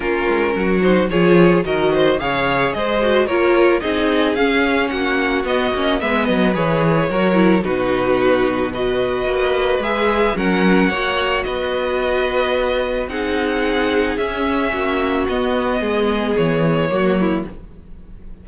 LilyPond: <<
  \new Staff \with { instrumentName = "violin" } { \time 4/4 \tempo 4 = 110 ais'4. c''8 cis''4 dis''4 | f''4 dis''4 cis''4 dis''4 | f''4 fis''4 dis''4 e''8 dis''8 | cis''2 b'2 |
dis''2 e''4 fis''4~ | fis''4 dis''2. | fis''2 e''2 | dis''2 cis''2 | }
  \new Staff \with { instrumentName = "violin" } { \time 4/4 f'4 fis'4 gis'4 ais'8 c''8 | cis''4 c''4 ais'4 gis'4~ | gis'4 fis'2 b'4~ | b'4 ais'4 fis'2 |
b'2. ais'4 | cis''4 b'2. | gis'2. fis'4~ | fis'4 gis'2 fis'8 e'8 | }
  \new Staff \with { instrumentName = "viola" } { \time 4/4 cis'4. dis'8 f'4 fis'4 | gis'4. fis'8 f'4 dis'4 | cis'2 b8 cis'8 b4 | gis'4 fis'8 e'8 dis'2 |
fis'2 gis'4 cis'4 | fis'1 | dis'2 cis'2 | b2. ais4 | }
  \new Staff \with { instrumentName = "cello" } { \time 4/4 ais8 gis8 fis4 f4 dis4 | cis4 gis4 ais4 c'4 | cis'4 ais4 b8 ais8 gis8 fis8 | e4 fis4 b,2~ |
b,4 ais4 gis4 fis4 | ais4 b2. | c'2 cis'4 ais4 | b4 gis4 e4 fis4 | }
>>